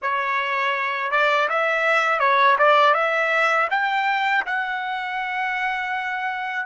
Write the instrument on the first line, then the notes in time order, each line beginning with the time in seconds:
trumpet
0.02 C#5
1.11 D5
1.49 E5
2.19 C#5
2.58 D5
2.94 E5
3.70 G5
4.46 F#5